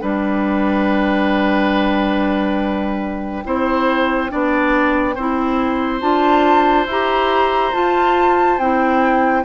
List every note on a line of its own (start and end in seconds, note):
0.00 3.45 G3
0.00 3.44 D4
0.00 3.44 B4
0.00 6.00 G5
3.45 4.31 C4
3.45 4.29 E4
3.45 4.32 C5
4.29 5.16 B3
4.29 5.15 D4
4.29 5.15 D5
5.15 6.02 C4
5.15 6.01 E4
5.15 9.44 C5
6.01 6.86 D4
6.01 6.86 F4
6.01 6.87 A5
6.86 7.72 E4
6.86 7.73 G4
6.86 7.75 A#5
7.73 8.59 F4
7.73 8.59 A5
8.59 9.45 C4
8.59 9.45 E4
8.59 9.45 G5